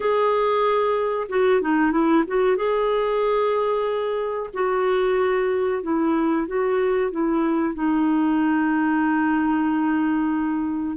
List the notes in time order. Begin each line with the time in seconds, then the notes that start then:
0.00 G#4
1.28 F#4
1.61 D#4
1.91 E4
2.27 F#4
2.56 G#4
4.53 F#4
5.82 E4
6.47 F#4
7.11 E4
7.74 D#4